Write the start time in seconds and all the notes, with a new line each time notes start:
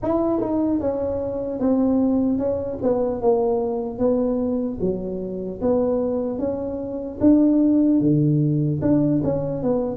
0.02 E4
0.40 D#4
0.80 C#4
1.59 C4
2.38 C#4
2.82 B3
3.21 A#3
3.98 B3
4.80 F#3
5.61 B3
6.38 C#4
7.20 D4
8.00 D3
8.81 D4
9.23 C#4
9.62 B3